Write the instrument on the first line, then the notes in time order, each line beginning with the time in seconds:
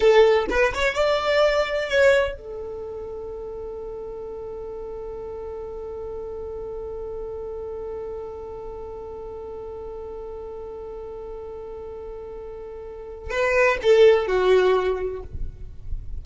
violin
0.00 A4
0.49 B4
0.74 C#5
0.94 D5
1.89 C#5
2.37 A4
13.30 B4
13.82 A4
14.27 F#4